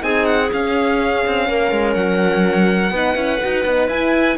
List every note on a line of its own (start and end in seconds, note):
0.00 0.51 C4
0.00 0.48 D#4
0.00 1.48 G#4
0.00 0.26 G#5
0.26 0.50 F#5
0.53 1.25 C#4
0.53 2.94 C#4
0.53 1.94 F5
1.27 1.49 C4
1.48 1.72 A#3
1.48 2.93 A#4
1.72 1.96 G#3
1.94 2.91 F#3
1.94 3.87 F#5
2.91 3.15 B3
2.91 3.15 D#4
2.91 4.38 B4
3.15 3.40 C#4
3.15 3.39 E4
3.41 3.65 D#4
3.41 3.65 F#4
3.65 3.88 B3
3.65 3.90 D#4
3.88 4.36 E4
3.88 4.38 E4
3.88 4.38 G#5